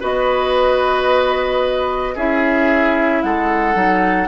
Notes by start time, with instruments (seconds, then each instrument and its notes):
0.00 bassoon B3, clarinet F#4, oboe B4, flute D#5
2.15 bassoon C#4, clarinet E4, oboe G#4, flute E5
3.22 bassoon G#3, oboe A4, flute F#5
3.74 bassoon F#3, clarinet D#4